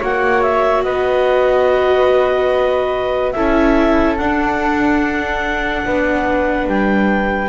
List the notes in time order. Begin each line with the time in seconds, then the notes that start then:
0.00 A#3 F#4 C#5 F#5
0.43 E5
0.84 B3 B4 D#5
3.32 C#4 E4 A4 E5
4.18 D4 F#5
5.86 B3 B4
6.67 G3 G5